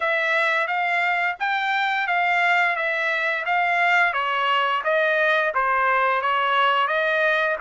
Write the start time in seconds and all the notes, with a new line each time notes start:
0.00 E5
0.67 F5
1.39 G5
2.07 F5
2.76 E5
3.45 F5
4.13 C#5
4.84 D#5
5.54 C5
6.21 C#5
6.87 D#5